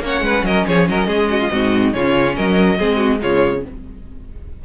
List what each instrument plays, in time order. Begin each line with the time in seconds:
0.00 cello A#3, viola C#4, violin C#5
0.07 violin F#5
0.21 cello G#3, violin B4
0.43 cello F#3, violin A#4 D#5
0.68 cello F3, violin G#4 C#5
0.89 cello F#3, violin A#4 D#5
1.07 cello G#3, violin G#4
1.30 violin F#4
1.40 violin F4
1.51 cello G#2, viola C4, violin F#4
1.93 cello C#3, viola C#4, violin F4 C#5
2.36 cello F#3, violin A#4 D#5
2.78 cello G#3, viola C4, violin G#4
2.97 violin F#4
3.20 cello C#3, viola G#3, violin F4 C#5